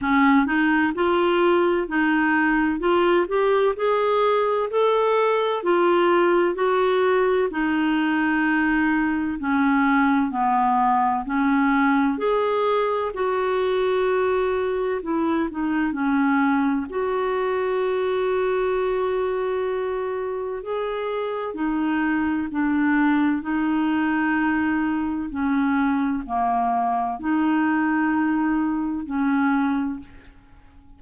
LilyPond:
\new Staff \with { instrumentName = "clarinet" } { \time 4/4 \tempo 4 = 64 cis'8 dis'8 f'4 dis'4 f'8 g'8 | gis'4 a'4 f'4 fis'4 | dis'2 cis'4 b4 | cis'4 gis'4 fis'2 |
e'8 dis'8 cis'4 fis'2~ | fis'2 gis'4 dis'4 | d'4 dis'2 cis'4 | ais4 dis'2 cis'4 | }